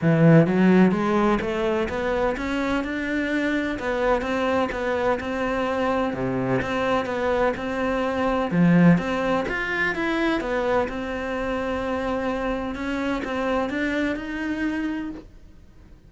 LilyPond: \new Staff \with { instrumentName = "cello" } { \time 4/4 \tempo 4 = 127 e4 fis4 gis4 a4 | b4 cis'4 d'2 | b4 c'4 b4 c'4~ | c'4 c4 c'4 b4 |
c'2 f4 c'4 | f'4 e'4 b4 c'4~ | c'2. cis'4 | c'4 d'4 dis'2 | }